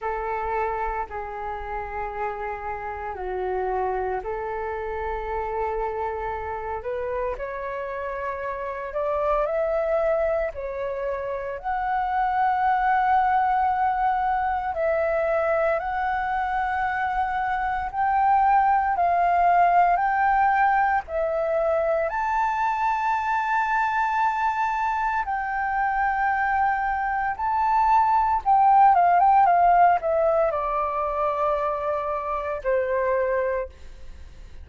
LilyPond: \new Staff \with { instrumentName = "flute" } { \time 4/4 \tempo 4 = 57 a'4 gis'2 fis'4 | a'2~ a'8 b'8 cis''4~ | cis''8 d''8 e''4 cis''4 fis''4~ | fis''2 e''4 fis''4~ |
fis''4 g''4 f''4 g''4 | e''4 a''2. | g''2 a''4 g''8 f''16 g''16 | f''8 e''8 d''2 c''4 | }